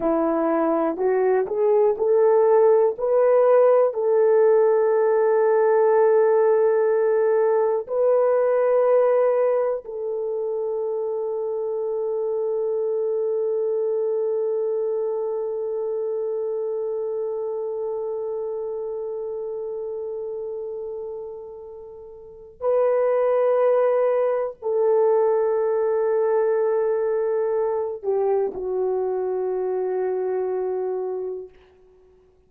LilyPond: \new Staff \with { instrumentName = "horn" } { \time 4/4 \tempo 4 = 61 e'4 fis'8 gis'8 a'4 b'4 | a'1 | b'2 a'2~ | a'1~ |
a'1~ | a'2. b'4~ | b'4 a'2.~ | a'8 g'8 fis'2. | }